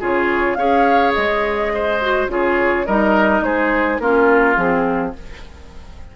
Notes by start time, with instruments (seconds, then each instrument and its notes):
0.00 bassoon C#3, clarinet F4, oboe G#4, flute C#5
0.55 bassoon C#4, clarinet G#4, oboe C#5, flute F5
1.13 bassoon G#3, flute D#5
1.74 oboe C5
2.01 clarinet F#4
2.28 bassoon C#3, clarinet F4, oboe G#4, flute C#5
2.86 bassoon G3, clarinet D#4, oboe A#4, flute D#5
3.41 bassoon G#3, oboe G#4, flute C5
3.99 bassoon A#3, clarinet C#4, oboe F4, flute A#4
4.56 bassoon F3, clarinet C4, flute G#4